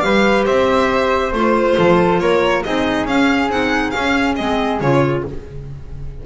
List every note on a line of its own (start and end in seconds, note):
0.00 0.46 G3
0.00 1.32 G4
0.00 0.45 B4
0.00 0.43 F5
0.45 1.32 C4
0.45 1.76 C5
0.45 1.33 E5
1.32 1.76 A3
1.32 2.64 F4
1.32 2.19 C5
1.77 2.20 F3
1.77 2.21 A4
2.19 2.63 A#3
2.19 2.64 A#4
2.19 2.62 C#5
2.63 3.05 C4
2.63 3.08 D#4
2.63 5.26 G#4
2.63 3.06 D#5
3.05 3.49 C#4
3.05 3.50 C#4
3.05 3.50 F5
3.49 3.92 C4
3.49 3.93 D#4
3.49 3.90 F#5
3.90 4.38 C#4
3.90 4.37 C#4
3.90 4.34 F5
4.36 4.80 G#3
4.36 4.81 C4
4.36 4.79 D#5
4.80 5.24 C#3
4.80 5.25 F4
4.80 5.24 C#5